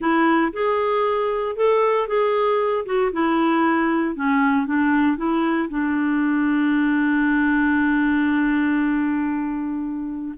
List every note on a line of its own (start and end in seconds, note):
0.00 0.52 E4
0.52 1.56 G#4
1.56 2.07 A4
2.07 2.85 G#4
2.85 3.11 F#4
3.12 4.15 E4
4.15 4.66 C#4
4.66 5.17 D4
5.17 5.68 E4
5.69 10.34 D4